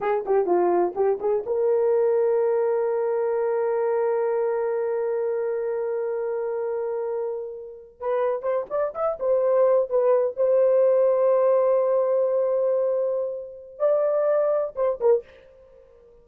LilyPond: \new Staff \with { instrumentName = "horn" } { \time 4/4 \tempo 4 = 126 gis'8 g'8 f'4 g'8 gis'8 ais'4~ | ais'1~ | ais'1~ | ais'1~ |
ais'8. b'4 c''8 d''8 e''8 c''8.~ | c''8. b'4 c''2~ c''16~ | c''1~ | c''4 d''2 c''8 ais'8 | }